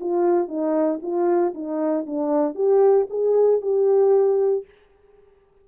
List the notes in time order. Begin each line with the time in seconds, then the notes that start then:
0.00 F4
0.48 D#4
1.02 F4
1.54 D#4
2.06 D4
2.55 G4
3.10 G#4
3.62 G4